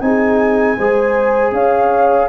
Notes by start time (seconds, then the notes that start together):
0.00 C4 D#4 G#4 G#5
0.77 G#3 G#4 C5
1.52 C#4 C#5 F5